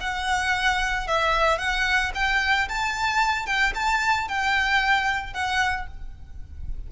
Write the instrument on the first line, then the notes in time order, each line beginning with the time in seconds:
violin
0.00 F#5
1.07 E5
1.58 F#5
2.14 G5
2.68 A5
3.46 G5
3.75 A5
4.28 G5
5.33 F#5